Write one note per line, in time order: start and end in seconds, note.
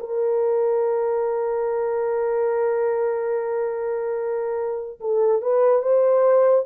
0.00 5.00 A#4
5.00 5.42 A4
5.42 5.82 B4
5.82 6.66 C5